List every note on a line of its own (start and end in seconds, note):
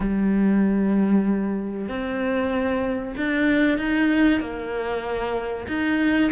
0.00 1.88 G3
1.88 3.14 C4
3.17 3.78 D4
3.78 4.40 D#4
4.40 5.66 A#3
5.67 6.30 D#4